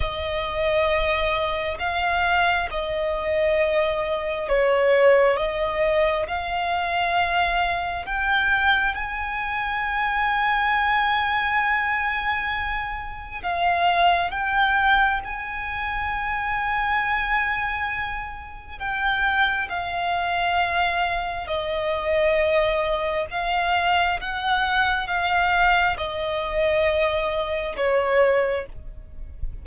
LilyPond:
\new Staff \with { instrumentName = "violin" } { \time 4/4 \tempo 4 = 67 dis''2 f''4 dis''4~ | dis''4 cis''4 dis''4 f''4~ | f''4 g''4 gis''2~ | gis''2. f''4 |
g''4 gis''2.~ | gis''4 g''4 f''2 | dis''2 f''4 fis''4 | f''4 dis''2 cis''4 | }